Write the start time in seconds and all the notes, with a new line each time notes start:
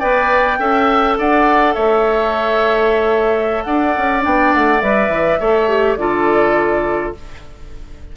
0.00 B3 B4 D5 G5
0.59 C#4 A4 E5
1.19 D4 D5 F#5
1.74 A3 C#5 E5
3.64 D4 D5 F#5
3.98 C#4
4.21 B3 D4 G5
4.54 A3 F#5
4.81 G3 B4 E5
5.08 E3
5.40 A3 A4 C#5
5.68 G4
5.97 D3 F4 A4 D5